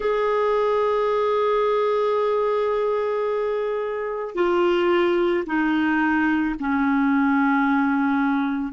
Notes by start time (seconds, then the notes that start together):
0.00 G#4
4.34 F4
5.46 D#4
6.60 C#4